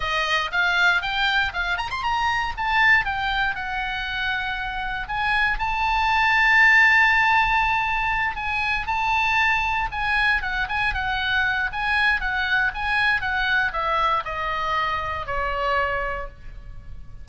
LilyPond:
\new Staff \with { instrumentName = "oboe" } { \time 4/4 \tempo 4 = 118 dis''4 f''4 g''4 f''8 ais''16 c'''16 | ais''4 a''4 g''4 fis''4~ | fis''2 gis''4 a''4~ | a''1~ |
a''8 gis''4 a''2 gis''8~ | gis''8 fis''8 gis''8 fis''4. gis''4 | fis''4 gis''4 fis''4 e''4 | dis''2 cis''2 | }